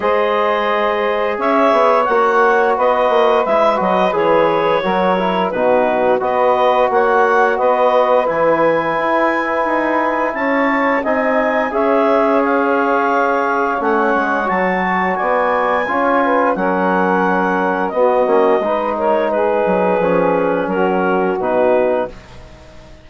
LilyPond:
<<
  \new Staff \with { instrumentName = "clarinet" } { \time 4/4 \tempo 4 = 87 dis''2 e''4 fis''4 | dis''4 e''8 dis''8 cis''2 | b'4 dis''4 fis''4 dis''4 | gis''2. a''4 |
gis''4 e''4 f''2 | fis''4 a''4 gis''2 | fis''2 dis''4. cis''8 | b'2 ais'4 b'4 | }
  \new Staff \with { instrumentName = "saxophone" } { \time 4/4 c''2 cis''2 | b'2. ais'4 | fis'4 b'4 cis''4 b'4~ | b'2. cis''4 |
dis''4 cis''2.~ | cis''2 d''4 cis''8 b'8 | ais'2 fis'4 b'8 ais'8 | gis'2 fis'2 | }
  \new Staff \with { instrumentName = "trombone" } { \time 4/4 gis'2. fis'4~ | fis'4 e'8 fis'8 gis'4 fis'8 e'8 | dis'4 fis'2. | e'1 |
dis'4 gis'2. | cis'4 fis'2 f'4 | cis'2 b8 cis'8 dis'4~ | dis'4 cis'2 dis'4 | }
  \new Staff \with { instrumentName = "bassoon" } { \time 4/4 gis2 cis'8 b8 ais4 | b8 ais8 gis8 fis8 e4 fis4 | b,4 b4 ais4 b4 | e4 e'4 dis'4 cis'4 |
c'4 cis'2. | a8 gis8 fis4 b4 cis'4 | fis2 b8 ais8 gis4~ | gis8 fis8 f4 fis4 b,4 | }
>>